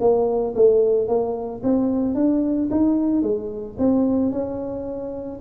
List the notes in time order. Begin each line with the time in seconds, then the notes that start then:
0.00 A#3
0.55 A3
1.08 A#3
1.63 C4
2.14 D4
2.70 D#4
3.22 G#3
3.78 C4
4.32 C#4